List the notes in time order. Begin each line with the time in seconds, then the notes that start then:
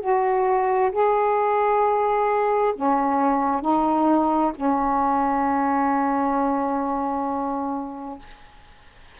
0.00 F#4
0.91 G#4
2.75 C#4
3.61 D#4
4.55 C#4